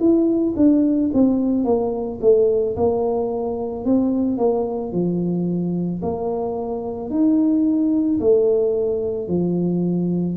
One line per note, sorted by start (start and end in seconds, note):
0.00 0.55 E4
0.57 1.11 D4
1.14 1.65 C4
1.65 2.19 A#3
2.21 2.76 A3
2.77 3.85 A#3
3.85 4.38 C4
4.38 4.92 A#3
4.92 6.01 F3
6.02 7.10 A#3
7.10 8.19 D#4
8.20 9.28 A3
9.28 10.37 F3